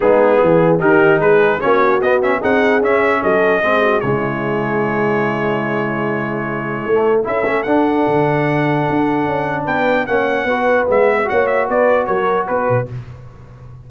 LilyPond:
<<
  \new Staff \with { instrumentName = "trumpet" } { \time 4/4 \tempo 4 = 149 gis'2 ais'4 b'4 | cis''4 dis''8 e''8 fis''4 e''4 | dis''2 cis''2~ | cis''1~ |
cis''2 e''4 fis''4~ | fis''1 | g''4 fis''2 e''4 | fis''8 e''8 d''4 cis''4 b'4 | }
  \new Staff \with { instrumentName = "horn" } { \time 4/4 dis'4 gis'4 g'4 gis'4 | fis'2 gis'2 | a'4 gis'8 fis'8 e'2~ | e'1~ |
e'2 a'2~ | a'1 | b'4 cis''4 b'2 | cis''4 b'4 ais'4 b'4 | }
  \new Staff \with { instrumentName = "trombone" } { \time 4/4 b2 dis'2 | cis'4 b8 cis'8 dis'4 cis'4~ | cis'4 c'4 gis2~ | gis1~ |
gis4~ gis16 a8. e'8 cis'8 d'4~ | d'1~ | d'4 cis'4 fis'4 b4 | fis'1 | }
  \new Staff \with { instrumentName = "tuba" } { \time 4/4 gis4 e4 dis4 gis4 | ais4 b4 c'4 cis'4 | fis4 gis4 cis2~ | cis1~ |
cis4 a4 cis'8 a8 d'4 | d2 d'4 cis'4 | b4 ais4 b4 gis4 | ais4 b4 fis4 b8 b,8 | }
>>